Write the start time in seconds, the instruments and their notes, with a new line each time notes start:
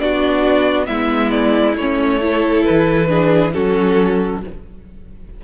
0.00 cello B3, viola D4, violin F#4 D5
0.86 cello G#3, viola B3, violin E4 E5
1.31 violin D5
1.76 cello A3, viola C#4, violin C#5
2.21 viola E4, violin A4
2.65 cello E3, violin B4
3.08 viola D4, violin G#4
3.53 cello F#3, viola C#4, violin F#4 A4